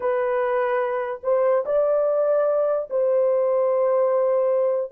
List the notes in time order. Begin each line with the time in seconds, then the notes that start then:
0.00 B4
1.23 C5
1.65 D5
2.90 C5